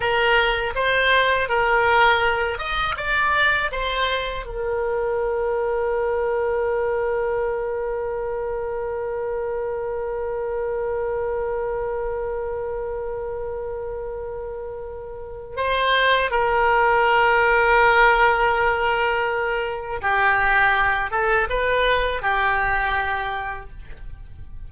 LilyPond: \new Staff \with { instrumentName = "oboe" } { \time 4/4 \tempo 4 = 81 ais'4 c''4 ais'4. dis''8 | d''4 c''4 ais'2~ | ais'1~ | ais'1~ |
ais'1~ | ais'4 c''4 ais'2~ | ais'2. g'4~ | g'8 a'8 b'4 g'2 | }